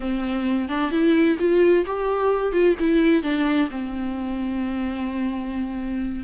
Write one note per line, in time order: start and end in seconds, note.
0.00 0.68 C4
0.68 0.91 D4
0.91 1.37 E4
1.39 1.85 F4
1.86 2.52 G4
2.52 2.75 F4
2.79 3.22 E4
3.22 3.68 D4
3.70 6.23 C4